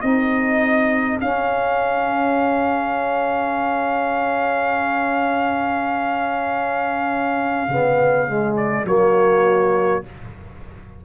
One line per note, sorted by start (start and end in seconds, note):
0.00 1.20 C4
0.00 1.21 D#4
0.00 8.85 G#4
0.00 1.18 D#5
1.20 7.68 C#4
1.20 7.69 C#4
1.20 8.56 F5
7.68 8.84 C#3
7.68 8.27 B3
8.27 8.85 G#3
8.56 8.86 D5
8.84 10.02 F#3
8.84 10.03 A#3
8.84 10.04 F#4
8.84 10.04 C#5